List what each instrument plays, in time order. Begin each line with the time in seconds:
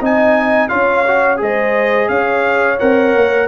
0.00 tuba C4, trombone D#4, horn D#5, trumpet G#5
0.68 tuba C#4, trombone F4, horn C#5, trumpet F5
1.07 trombone F#4
1.37 tuba G#3, trombone G#4, horn C5, trumpet D#5
2.08 tuba C#4, horn C#5, trumpet F5
2.79 tuba C4, trombone A#4, trumpet F#5
3.14 tuba A#3